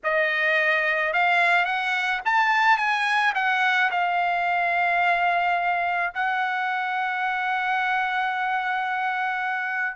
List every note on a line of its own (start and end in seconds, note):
0.03 1.13 D#5
1.13 1.65 F5
1.65 2.20 F#5
2.25 2.77 A5
2.77 3.33 G#5
3.35 3.90 F#5
3.90 6.13 F5
6.14 9.96 F#5